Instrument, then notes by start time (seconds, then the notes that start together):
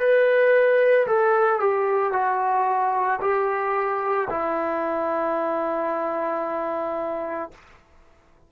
trombone
0.00 B4
1.08 A4
1.60 G4
2.13 F#4
3.22 G4
4.30 E4